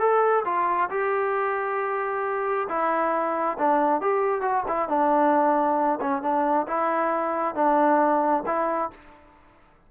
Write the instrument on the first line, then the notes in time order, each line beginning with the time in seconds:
trombone
0.00 A4
0.45 F4
0.91 G4
2.69 E4
3.59 D4
4.02 G4
4.42 F#4
4.68 E4
4.89 D4
6.01 C#4
6.23 D4
6.68 E4
7.56 D4
8.47 E4